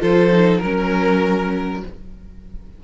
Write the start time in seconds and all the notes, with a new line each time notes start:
0.00 F3 F4 A4 C5
0.32 D#4
0.58 F#3 C#4 A#4
0.64 A#4